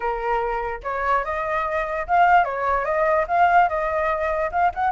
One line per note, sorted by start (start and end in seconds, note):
0.00 0.80 A#4
0.83 1.24 C#5
1.24 2.06 D#5
2.07 2.44 F5
2.44 2.84 C#5
2.84 3.26 D#5
3.27 3.68 F5
3.68 4.51 D#5
4.51 4.72 F5
4.74 4.91 F#5